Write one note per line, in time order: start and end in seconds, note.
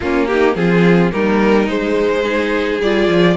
0.00 0.56 A#3
0.00 0.55 A#3
0.00 0.30 C#4
0.00 0.26 F4
0.26 0.56 D#4
0.26 0.54 G4
0.55 1.11 F3
0.55 1.11 C4
0.55 1.12 F4
0.55 1.11 G#4
1.11 1.67 G3
1.11 1.67 A#3
1.11 2.22 D#4
1.11 1.68 A#4
1.67 2.79 G#3
1.67 2.23 G#3
1.67 2.81 C5
2.22 2.80 D#4
2.22 3.34 G#4
2.80 3.08 G3
2.80 3.36 F4
2.80 3.36 D5
3.08 3.36 F3